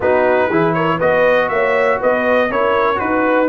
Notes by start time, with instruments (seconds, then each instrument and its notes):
0.00 tuba B3, trombone D#4, horn F#4, trumpet B4
0.48 tuba E3, trombone E4, horn G#4
0.73 horn A#4, trumpet C#5
0.97 tuba B3, trombone F#4, horn B4, trumpet D#5
1.48 tuba A#3, horn C#5, trumpet E5
1.99 tuba B3, horn B4, trumpet D#5
2.50 tuba C#4, trombone E4, horn A#4, trumpet C#5
2.95 tuba D#4, trombone F#4, trumpet B4
3.03 horn B4